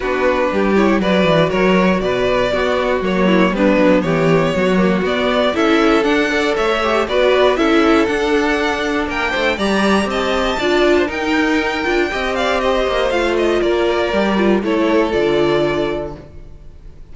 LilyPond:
<<
  \new Staff \with { instrumentName = "violin" } { \time 4/4 \tempo 4 = 119 b'4. cis''8 d''4 cis''4 | d''2 cis''4 b'4 | cis''2 d''4 e''4 | fis''4 e''4 d''4 e''4 |
fis''2 g''4 ais''4 | a''2 g''2~ | g''8 f''8 dis''4 f''8 dis''8 d''4~ | d''4 cis''4 d''2 | }
  \new Staff \with { instrumentName = "violin" } { \time 4/4 fis'4 g'4 b'4 ais'4 | b'4 fis'4. e'8 d'4 | g'4 fis'2 a'4~ | a'8 d''8 cis''4 b'4 a'4~ |
a'2 ais'8 c''8 d''4 | dis''4 d''8. c''16 ais'2 | dis''8 d''8 c''2 ais'4~ | ais'4 a'2. | }
  \new Staff \with { instrumentName = "viola" } { \time 4/4 d'4. e'8 fis'2~ | fis'4 b4 ais4 b4~ | b4. ais8 b4 e'4 | d'8 a'4 g'8 fis'4 e'4 |
d'2. g'4~ | g'4 f'4 dis'4. f'8 | g'2 f'2 | g'8 f'8 e'4 f'2 | }
  \new Staff \with { instrumentName = "cello" } { \time 4/4 b4 g4 fis8 e8 fis4 | b,4 b4 fis4 g8 fis8 | e4 fis4 b4 cis'4 | d'4 a4 b4 cis'4 |
d'2 ais8 a8 g4 | c'4 d'4 dis'4. d'8 | c'4. ais8 a4 ais4 | g4 a4 d2 | }
>>